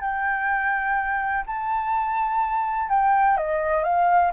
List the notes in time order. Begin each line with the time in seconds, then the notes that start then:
0.00 G5
1.46 A5
2.89 G5
3.37 D#5
3.83 F5